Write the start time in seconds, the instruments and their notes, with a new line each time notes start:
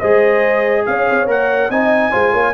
0.00 tuba G#3, trombone G#4, horn C5, trumpet D#5
0.86 tuba C#4, horn C#5, trumpet F5
1.10 tuba C4
1.27 tuba A#3, trombone A#4, trumpet F#5
1.70 tuba C4, trombone D#4, horn D#5, trumpet G#5
2.11 tuba G#3, trombone F4, horn C5
2.32 tuba A#3, horn C#5